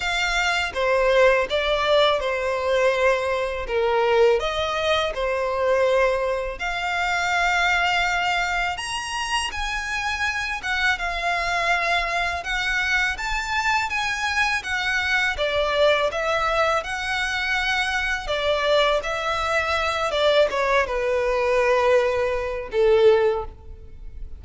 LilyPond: \new Staff \with { instrumentName = "violin" } { \time 4/4 \tempo 4 = 82 f''4 c''4 d''4 c''4~ | c''4 ais'4 dis''4 c''4~ | c''4 f''2. | ais''4 gis''4. fis''8 f''4~ |
f''4 fis''4 a''4 gis''4 | fis''4 d''4 e''4 fis''4~ | fis''4 d''4 e''4. d''8 | cis''8 b'2~ b'8 a'4 | }